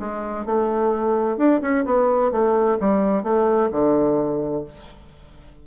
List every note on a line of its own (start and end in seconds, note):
0.00 0.46 G#3
0.46 1.38 A3
1.38 1.61 D4
1.62 1.85 C#4
1.86 2.32 B3
2.32 2.78 A3
2.80 3.23 G3
3.23 3.70 A3
3.71 4.64 D3